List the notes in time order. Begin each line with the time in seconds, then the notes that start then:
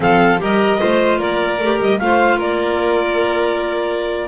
0.00 F3 C4 A4 F5
0.38 G3 G4 A#4 D#5
0.78 A3 F4 C5
1.18 A#3 A#4 D5
1.59 A3 G4
1.80 G3 D#5
1.98 A3 F4 C5 F5
2.37 A#3 A#4 D5